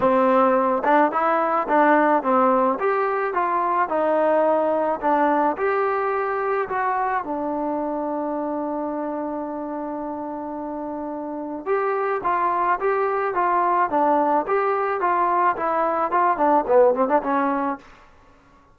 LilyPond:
\new Staff \with { instrumentName = "trombone" } { \time 4/4 \tempo 4 = 108 c'4. d'8 e'4 d'4 | c'4 g'4 f'4 dis'4~ | dis'4 d'4 g'2 | fis'4 d'2.~ |
d'1~ | d'4 g'4 f'4 g'4 | f'4 d'4 g'4 f'4 | e'4 f'8 d'8 b8 c'16 d'16 cis'4 | }